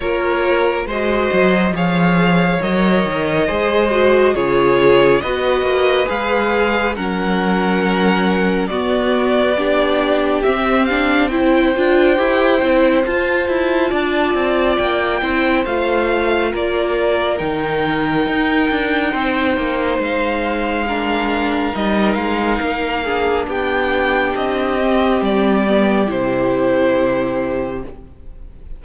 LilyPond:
<<
  \new Staff \with { instrumentName = "violin" } { \time 4/4 \tempo 4 = 69 cis''4 dis''4 f''4 dis''4~ | dis''4 cis''4 dis''4 f''4 | fis''2 d''2 | e''8 f''8 g''2 a''4~ |
a''4 g''4 f''4 d''4 | g''2. f''4~ | f''4 dis''8 f''4. g''4 | dis''4 d''4 c''2 | }
  \new Staff \with { instrumentName = "violin" } { \time 4/4 ais'4 c''4 cis''2 | c''4 gis'4 b'2 | ais'2 fis'4 g'4~ | g'4 c''2. |
d''4. c''4. ais'4~ | ais'2 c''2 | ais'2~ ais'8 gis'8 g'4~ | g'1 | }
  \new Staff \with { instrumentName = "viola" } { \time 4/4 f'4 fis'4 gis'4 ais'4 | gis'8 fis'8 f'4 fis'4 gis'4 | cis'2 b4 d'4 | c'8 d'8 e'8 f'8 g'8 e'8 f'4~ |
f'4. e'8 f'2 | dis'1 | d'4 dis'4. d'4.~ | d'8 c'4 b8 e'2 | }
  \new Staff \with { instrumentName = "cello" } { \time 4/4 ais4 gis8 fis8 f4 fis8 dis8 | gis4 cis4 b8 ais8 gis4 | fis2 b2 | c'4. d'8 e'8 c'8 f'8 e'8 |
d'8 c'8 ais8 c'8 a4 ais4 | dis4 dis'8 d'8 c'8 ais8 gis4~ | gis4 g8 gis8 ais4 b4 | c'4 g4 c2 | }
>>